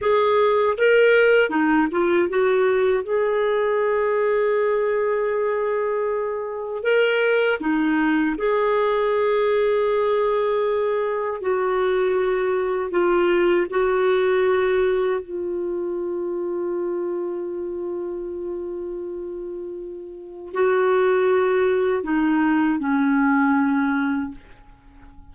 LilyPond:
\new Staff \with { instrumentName = "clarinet" } { \time 4/4 \tempo 4 = 79 gis'4 ais'4 dis'8 f'8 fis'4 | gis'1~ | gis'4 ais'4 dis'4 gis'4~ | gis'2. fis'4~ |
fis'4 f'4 fis'2 | f'1~ | f'2. fis'4~ | fis'4 dis'4 cis'2 | }